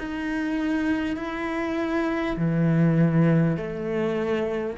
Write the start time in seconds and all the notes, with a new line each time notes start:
0.00 D#4
1.17 E4
2.37 E3
3.57 A3